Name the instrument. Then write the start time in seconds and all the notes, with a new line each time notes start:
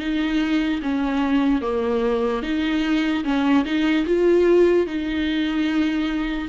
viola
0.00 D#4
0.83 C#4
1.62 A#3
2.43 D#4
3.25 C#4
3.65 D#4
4.07 F4
4.87 D#4